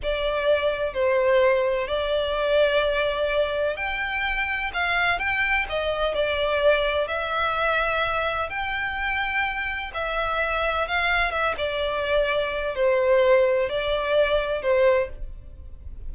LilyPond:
\new Staff \with { instrumentName = "violin" } { \time 4/4 \tempo 4 = 127 d''2 c''2 | d''1 | g''2 f''4 g''4 | dis''4 d''2 e''4~ |
e''2 g''2~ | g''4 e''2 f''4 | e''8 d''2~ d''8 c''4~ | c''4 d''2 c''4 | }